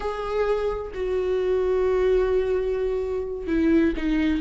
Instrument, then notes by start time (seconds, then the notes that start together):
viola
0.00 G#4
0.93 F#4
3.47 E4
3.96 D#4